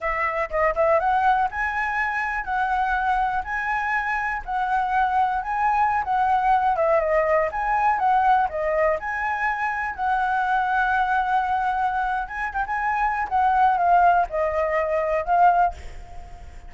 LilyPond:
\new Staff \with { instrumentName = "flute" } { \time 4/4 \tempo 4 = 122 e''4 dis''8 e''8 fis''4 gis''4~ | gis''4 fis''2 gis''4~ | gis''4 fis''2 gis''4~ | gis''16 fis''4. e''8 dis''4 gis''8.~ |
gis''16 fis''4 dis''4 gis''4.~ gis''16~ | gis''16 fis''2.~ fis''8.~ | fis''4 gis''8 g''16 gis''4~ gis''16 fis''4 | f''4 dis''2 f''4 | }